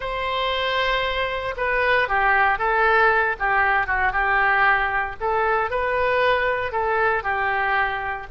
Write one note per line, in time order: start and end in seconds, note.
0.00 1.54 C5
1.56 2.08 B4
2.08 2.58 G4
2.58 3.36 A4
3.39 3.86 G4
3.86 4.12 F#4
4.12 5.16 G4
5.20 5.70 A4
5.70 6.72 B4
6.72 7.23 A4
7.23 8.26 G4